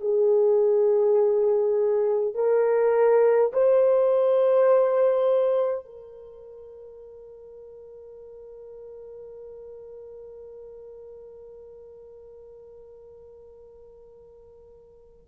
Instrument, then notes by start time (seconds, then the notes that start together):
horn
0.00 G#4
2.34 A#4
3.52 C5
5.85 A#4